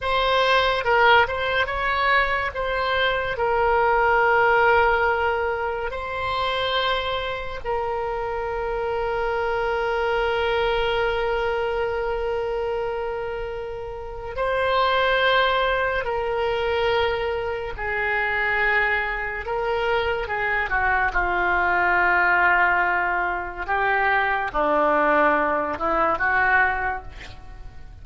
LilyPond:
\new Staff \with { instrumentName = "oboe" } { \time 4/4 \tempo 4 = 71 c''4 ais'8 c''8 cis''4 c''4 | ais'2. c''4~ | c''4 ais'2.~ | ais'1~ |
ais'4 c''2 ais'4~ | ais'4 gis'2 ais'4 | gis'8 fis'8 f'2. | g'4 d'4. e'8 fis'4 | }